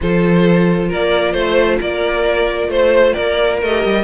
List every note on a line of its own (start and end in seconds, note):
0.01 0.92 F3
0.01 3.62 F4
0.01 0.88 A4
0.01 0.91 C5
0.88 1.34 A#3
0.88 1.32 A#4
0.88 1.34 D5
1.32 1.79 A3
1.32 1.77 C5
1.32 1.79 C5
1.80 2.68 A#3
1.80 2.70 A#4
1.80 2.70 D5
2.68 3.13 A3
2.68 3.13 C5
2.68 3.14 C5
3.13 3.62 A#3
3.13 4.04 A#4
3.13 3.58 D5
3.62 3.84 A3
3.62 4.04 G4
3.62 4.04 D#5
3.84 4.04 G3